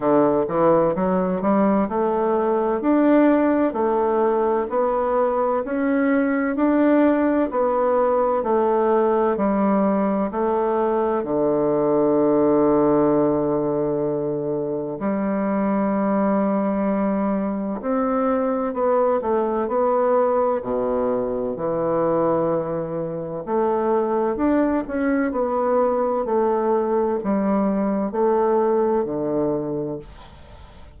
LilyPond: \new Staff \with { instrumentName = "bassoon" } { \time 4/4 \tempo 4 = 64 d8 e8 fis8 g8 a4 d'4 | a4 b4 cis'4 d'4 | b4 a4 g4 a4 | d1 |
g2. c'4 | b8 a8 b4 b,4 e4~ | e4 a4 d'8 cis'8 b4 | a4 g4 a4 d4 | }